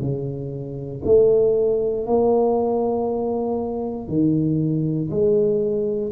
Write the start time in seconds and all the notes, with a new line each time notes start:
0.00 C#3
1.04 A3
2.06 A#3
4.08 D#3
5.10 G#3